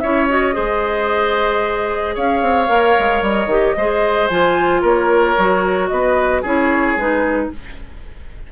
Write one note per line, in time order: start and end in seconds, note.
0.00 0.57 C#4
0.00 0.29 E4
0.00 0.55 C#5
0.00 0.27 E5
0.29 0.53 F#4
0.29 2.17 D#5
0.53 2.17 G#3
0.53 2.67 G#4
0.53 2.15 C5
2.15 2.42 C#4
2.15 3.76 C#5
2.15 3.24 F5
2.42 2.69 C4
2.68 2.96 A#3
2.68 3.48 A#4
2.99 3.22 G#3
3.22 3.46 G3
3.22 4.28 D#5
3.46 3.73 D#3
3.46 3.77 G4
3.77 4.30 G#3
3.77 4.30 G#4
3.77 4.82 C5
4.28 4.83 F3
4.28 5.37 F4
4.28 4.81 G#5
4.82 5.36 A#3
4.82 5.89 A#4
4.82 5.88 C#5
5.38 5.92 F#3
5.38 6.45 F#4
5.88 6.44 B3
5.88 6.42 B4
5.88 6.41 D#5
6.42 6.96 C#4
6.42 6.98 E4
6.42 7.49 G#4
6.42 6.99 C#5
6.96 7.49 G#3
6.96 7.52 D#4
6.96 7.52 B4